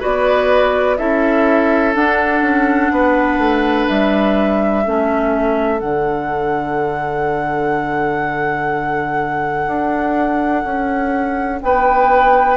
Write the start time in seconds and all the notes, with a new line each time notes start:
0.00 B3 F#4 B4 D5
0.97 C#4 E4 A4 E5
1.95 D4 F#5
2.42 C#4
2.92 B3 B4
3.39 A3
3.88 G3 E5
4.84 A3 C#4 A4
5.80 D3 D4 F#5
9.67 D4
10.64 C#4
11.62 B3 B4 G5